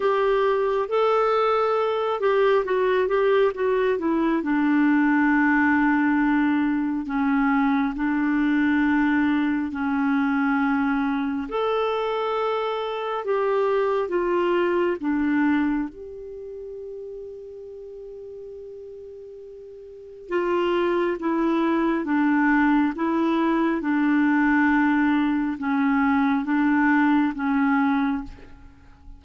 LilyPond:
\new Staff \with { instrumentName = "clarinet" } { \time 4/4 \tempo 4 = 68 g'4 a'4. g'8 fis'8 g'8 | fis'8 e'8 d'2. | cis'4 d'2 cis'4~ | cis'4 a'2 g'4 |
f'4 d'4 g'2~ | g'2. f'4 | e'4 d'4 e'4 d'4~ | d'4 cis'4 d'4 cis'4 | }